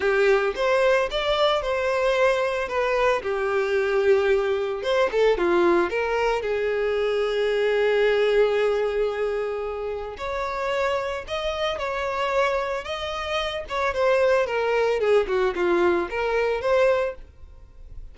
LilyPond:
\new Staff \with { instrumentName = "violin" } { \time 4/4 \tempo 4 = 112 g'4 c''4 d''4 c''4~ | c''4 b'4 g'2~ | g'4 c''8 a'8 f'4 ais'4 | gis'1~ |
gis'2. cis''4~ | cis''4 dis''4 cis''2 | dis''4. cis''8 c''4 ais'4 | gis'8 fis'8 f'4 ais'4 c''4 | }